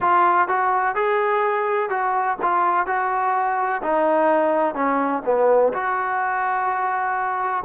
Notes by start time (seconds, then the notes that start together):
0.00 F4
0.48 F#4
0.95 G#4
1.89 F#4
2.42 F4
2.86 F#4
3.82 D#4
4.74 C#4
5.25 B3
5.73 F#4